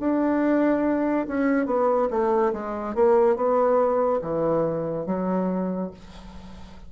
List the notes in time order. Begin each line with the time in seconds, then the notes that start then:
0.00 D4
1.28 C#4
1.66 B3
2.10 A3
2.53 G#3
2.95 A#3
3.36 B3
4.22 E3
5.06 F#3